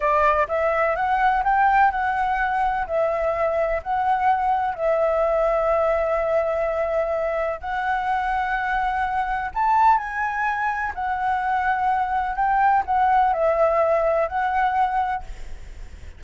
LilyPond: \new Staff \with { instrumentName = "flute" } { \time 4/4 \tempo 4 = 126 d''4 e''4 fis''4 g''4 | fis''2 e''2 | fis''2 e''2~ | e''1 |
fis''1 | a''4 gis''2 fis''4~ | fis''2 g''4 fis''4 | e''2 fis''2 | }